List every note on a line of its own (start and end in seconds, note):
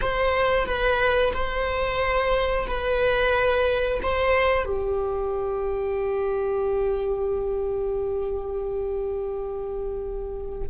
0.01 0.65 C5
0.65 1.32 B4
1.33 2.66 C5
2.67 4.00 B4
4.02 4.65 C5
4.65 10.65 G4